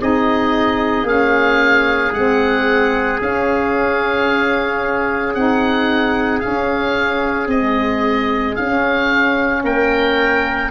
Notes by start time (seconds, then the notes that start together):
0.00 C4 D#4 G#4 D#5
1.03 A#3 C#4 F5
2.13 G#3 C4 F#5
3.20 C#4 F5
5.34 C4 D#4 F#5
6.40 C#4 F5
7.46 C4 D#5
7.52 G#3
8.55 C#4 F5
9.63 A#3 A#4 G5